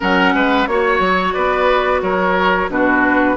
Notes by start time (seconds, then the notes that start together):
0.00 F#3 C#4 A#4 F#5
0.34 G#3 B4
0.67 A#3 F#4 C#5
0.99 F#3
1.33 B3 B4 D5
2.01 F#3 A#4 C#5
2.69 B2 D4 F#4 B4